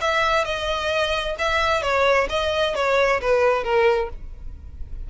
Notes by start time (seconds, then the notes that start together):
0.00 E5
0.44 D#5
1.38 E5
1.82 C#5
2.29 D#5
2.75 C#5
3.20 B4
3.63 A#4